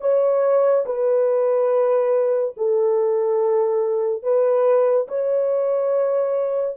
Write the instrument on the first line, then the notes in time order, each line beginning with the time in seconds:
horn
0.00 C#5
0.85 B4
2.57 A4
4.22 B4
5.08 C#5